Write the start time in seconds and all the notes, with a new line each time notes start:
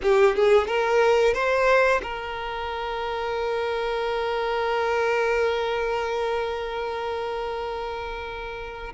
0.02 G4
0.35 G#4
0.67 A#4
1.33 C5
2.02 A#4